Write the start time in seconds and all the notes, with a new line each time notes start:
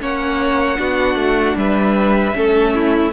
0.00 A#3 C#4 C#5 F#5
0.77 B3 D4 F#4
1.15 A3
1.56 G3 B4 E5
2.34 A3 C#4 A4
2.75 E4